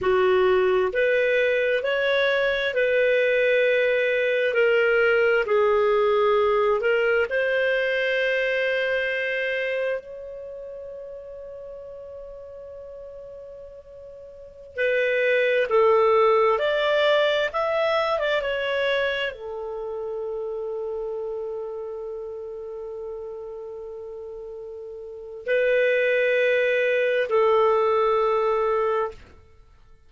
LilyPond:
\new Staff \with { instrumentName = "clarinet" } { \time 4/4 \tempo 4 = 66 fis'4 b'4 cis''4 b'4~ | b'4 ais'4 gis'4. ais'8 | c''2. cis''4~ | cis''1~ |
cis''16 b'4 a'4 d''4 e''8. | d''16 cis''4 a'2~ a'8.~ | a'1 | b'2 a'2 | }